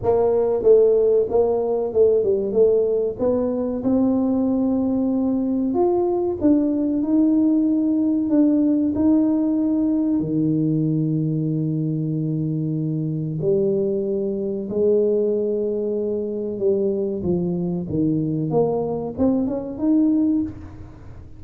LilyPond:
\new Staff \with { instrumentName = "tuba" } { \time 4/4 \tempo 4 = 94 ais4 a4 ais4 a8 g8 | a4 b4 c'2~ | c'4 f'4 d'4 dis'4~ | dis'4 d'4 dis'2 |
dis1~ | dis4 g2 gis4~ | gis2 g4 f4 | dis4 ais4 c'8 cis'8 dis'4 | }